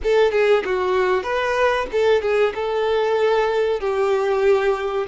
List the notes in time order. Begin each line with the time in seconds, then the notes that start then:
0.03 A4
0.31 G#4
0.64 F#4
1.23 B4
1.92 A4
2.21 G#4
2.54 A4
3.80 G4